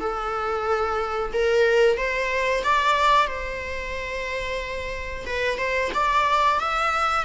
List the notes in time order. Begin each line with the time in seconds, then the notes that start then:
0.00 A4
1.33 A#4
1.97 C5
2.64 D5
3.27 C5
5.26 B4
5.58 C5
5.94 D5
6.60 E5